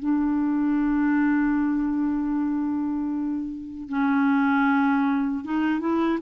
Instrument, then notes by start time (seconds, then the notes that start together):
clarinet
0.00 D4
3.89 C#4
5.45 D#4
5.81 E4